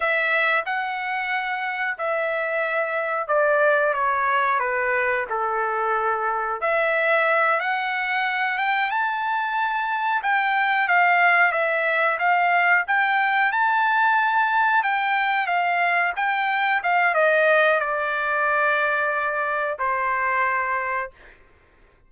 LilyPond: \new Staff \with { instrumentName = "trumpet" } { \time 4/4 \tempo 4 = 91 e''4 fis''2 e''4~ | e''4 d''4 cis''4 b'4 | a'2 e''4. fis''8~ | fis''4 g''8 a''2 g''8~ |
g''8 f''4 e''4 f''4 g''8~ | g''8 a''2 g''4 f''8~ | f''8 g''4 f''8 dis''4 d''4~ | d''2 c''2 | }